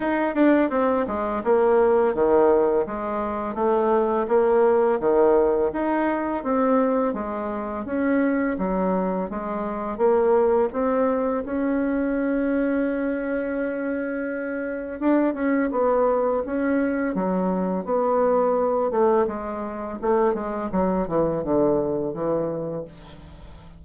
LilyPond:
\new Staff \with { instrumentName = "bassoon" } { \time 4/4 \tempo 4 = 84 dis'8 d'8 c'8 gis8 ais4 dis4 | gis4 a4 ais4 dis4 | dis'4 c'4 gis4 cis'4 | fis4 gis4 ais4 c'4 |
cis'1~ | cis'4 d'8 cis'8 b4 cis'4 | fis4 b4. a8 gis4 | a8 gis8 fis8 e8 d4 e4 | }